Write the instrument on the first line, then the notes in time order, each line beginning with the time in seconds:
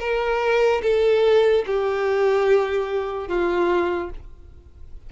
violin
0.00 A#4
0.83 A4
1.67 G4
3.28 F4